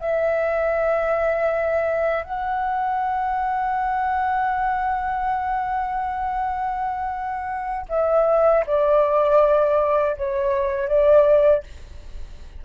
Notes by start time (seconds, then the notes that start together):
0.00 E5
2.24 F#5
7.89 E5
8.67 D5
10.17 C#5
10.88 D5